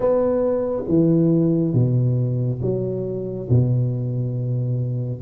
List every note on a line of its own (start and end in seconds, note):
0.00 0.83 B3
0.87 1.73 E3
1.73 2.60 B2
2.61 3.48 F#3
3.49 5.21 B2